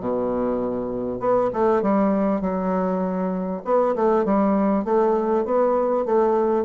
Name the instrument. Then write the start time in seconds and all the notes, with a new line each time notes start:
bassoon
0.00 B2
1.20 B3
1.53 A3
1.82 G3
2.41 F#3
3.65 B3
3.96 A3
4.25 G3
4.85 A3
5.45 B3
6.06 A3